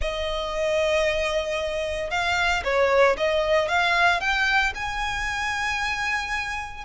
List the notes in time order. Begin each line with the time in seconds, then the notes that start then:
0.01 D#5
2.10 F5
2.63 C#5
3.17 D#5
3.68 F5
4.20 G5
4.74 G#5